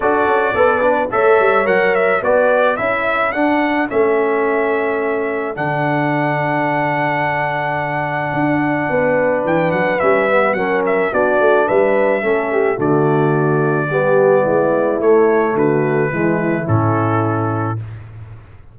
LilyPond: <<
  \new Staff \with { instrumentName = "trumpet" } { \time 4/4 \tempo 4 = 108 d''2 e''4 fis''8 e''8 | d''4 e''4 fis''4 e''4~ | e''2 fis''2~ | fis''1~ |
fis''4 g''8 fis''8 e''4 fis''8 e''8 | d''4 e''2 d''4~ | d''2. cis''4 | b'2 a'2 | }
  \new Staff \with { instrumentName = "horn" } { \time 4/4 a'4 b'4 cis''2 | b'4 a'2.~ | a'1~ | a'1 |
b'2. ais'4 | fis'4 b'4 a'8 g'8 fis'4~ | fis'4 g'4 e'2 | fis'4 e'2. | }
  \new Staff \with { instrumentName = "trombone" } { \time 4/4 fis'4 a'8 d'8 a'4 ais'4 | fis'4 e'4 d'4 cis'4~ | cis'2 d'2~ | d'1~ |
d'2 cis'8 b8 cis'4 | d'2 cis'4 a4~ | a4 b2 a4~ | a4 gis4 cis'2 | }
  \new Staff \with { instrumentName = "tuba" } { \time 4/4 d'8 cis'8 b4 a8 g8 fis4 | b4 cis'4 d'4 a4~ | a2 d2~ | d2. d'4 |
b4 e8 fis8 g4 fis4 | b8 a8 g4 a4 d4~ | d4 g4 gis4 a4 | d4 e4 a,2 | }
>>